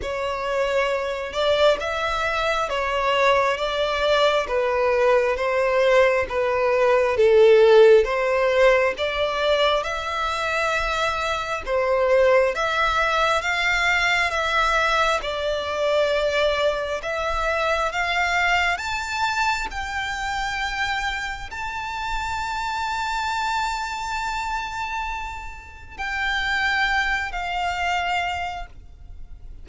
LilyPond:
\new Staff \with { instrumentName = "violin" } { \time 4/4 \tempo 4 = 67 cis''4. d''8 e''4 cis''4 | d''4 b'4 c''4 b'4 | a'4 c''4 d''4 e''4~ | e''4 c''4 e''4 f''4 |
e''4 d''2 e''4 | f''4 a''4 g''2 | a''1~ | a''4 g''4. f''4. | }